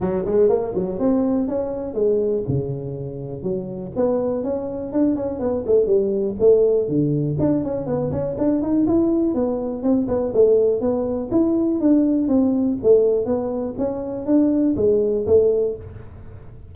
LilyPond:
\new Staff \with { instrumentName = "tuba" } { \time 4/4 \tempo 4 = 122 fis8 gis8 ais8 fis8 c'4 cis'4 | gis4 cis2 fis4 | b4 cis'4 d'8 cis'8 b8 a8 | g4 a4 d4 d'8 cis'8 |
b8 cis'8 d'8 dis'8 e'4 b4 | c'8 b8 a4 b4 e'4 | d'4 c'4 a4 b4 | cis'4 d'4 gis4 a4 | }